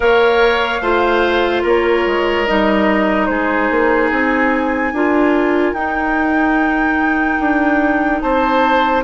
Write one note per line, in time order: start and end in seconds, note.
0.00 0.80 A#3
0.00 0.79 A#4
0.00 0.81 C#5
0.00 1.63 F5
0.80 1.62 A3
0.80 2.46 F4
0.80 1.62 C5
1.62 2.05 A#3
1.62 3.27 A#4
1.62 2.46 C#5
2.06 2.47 G#3
2.46 3.28 G3
2.46 4.93 D#4
2.46 3.26 D#5
3.26 3.69 G#3
3.26 4.93 G#4
3.26 4.08 C5
3.70 4.11 A#3
4.11 4.92 C4
4.11 5.73 G#5
4.92 5.73 D4
4.92 5.76 F4
4.92 8.22 A#4
5.73 7.37 D#4
5.73 9.03 D#4
5.73 8.20 G5
7.40 8.22 D4
8.20 9.03 C4
8.20 9.03 C5
8.20 9.02 A5